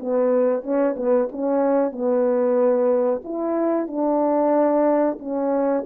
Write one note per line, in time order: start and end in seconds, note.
0.00 0.63 B3
0.63 0.96 C#4
0.97 1.29 B3
1.32 1.92 C#4
1.92 3.23 B3
3.25 3.88 E4
3.88 5.18 D4
5.20 5.85 C#4